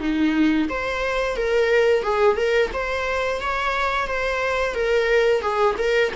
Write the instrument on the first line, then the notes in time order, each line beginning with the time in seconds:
viola
0.00 D#4
0.69 C5
1.36 A#4
2.03 G#4
2.37 A#4
2.73 C5
3.41 C#5
4.07 C5
4.74 A#4
5.41 G#4
5.78 A#4